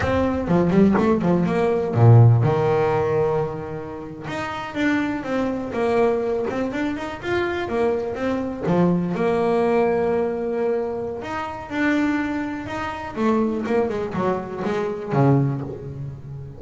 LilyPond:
\new Staff \with { instrumentName = "double bass" } { \time 4/4 \tempo 4 = 123 c'4 f8 g8 a8 f8 ais4 | ais,4 dis2.~ | dis8. dis'4 d'4 c'4 ais16~ | ais4~ ais16 c'8 d'8 dis'8 f'4 ais16~ |
ais8. c'4 f4 ais4~ ais16~ | ais2. dis'4 | d'2 dis'4 a4 | ais8 gis8 fis4 gis4 cis4 | }